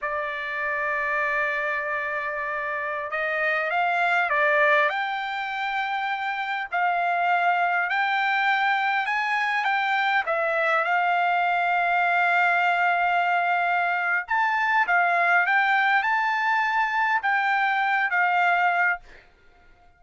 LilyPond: \new Staff \with { instrumentName = "trumpet" } { \time 4/4 \tempo 4 = 101 d''1~ | d''4~ d''16 dis''4 f''4 d''8.~ | d''16 g''2. f''8.~ | f''4~ f''16 g''2 gis''8.~ |
gis''16 g''4 e''4 f''4.~ f''16~ | f''1 | a''4 f''4 g''4 a''4~ | a''4 g''4. f''4. | }